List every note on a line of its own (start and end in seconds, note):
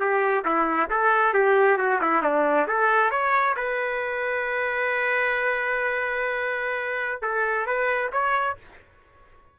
0.00 0.44 G4
0.45 0.89 E4
0.90 1.34 A4
1.34 1.78 G4
1.78 2.00 F#4
2.01 2.22 E4
2.22 2.67 D4
2.67 3.11 A4
3.11 3.55 C#5
3.57 7.22 B4
7.22 7.67 A4
7.67 8.11 B4
8.13 8.57 C#5